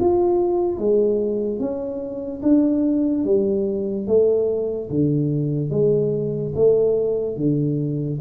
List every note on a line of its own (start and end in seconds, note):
0.00 0.78 F4
0.78 1.60 G#3
1.60 2.42 C#4
2.42 3.25 D4
3.25 4.07 G3
4.07 4.89 A3
4.90 5.70 D3
5.70 6.53 G#3
6.55 7.37 A3
7.37 8.19 D3